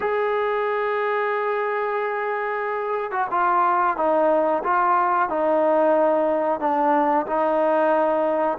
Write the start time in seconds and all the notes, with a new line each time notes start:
0.00 G#4
3.11 F#4
3.31 F4
3.97 D#4
4.63 F4
5.29 D#4
6.59 D4
7.26 D#4